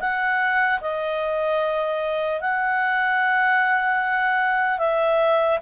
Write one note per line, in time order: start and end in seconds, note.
0.00 0.80 F#5
0.81 2.41 D#5
2.41 4.79 F#5
4.79 5.58 E5